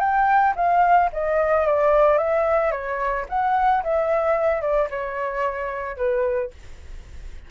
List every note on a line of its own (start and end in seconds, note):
0.00 0.54 G5
0.56 1.10 F5
1.13 1.66 D#5
1.66 2.18 D5
2.18 2.72 E5
2.72 3.26 C#5
3.29 3.83 F#5
3.84 4.62 E5
4.62 4.89 D5
4.90 5.97 C#5
5.97 6.51 B4